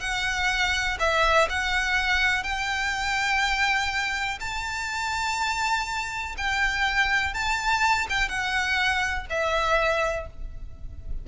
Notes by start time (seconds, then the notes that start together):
0.00 F#5
0.99 E5
1.49 F#5
2.43 G5
4.40 A5
6.37 G5
7.33 A5
8.09 G5
8.28 F#5
9.29 E5